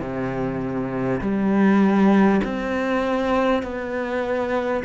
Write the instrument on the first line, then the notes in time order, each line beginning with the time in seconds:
cello
0.00 C3
1.21 G3
2.44 C4
3.63 B3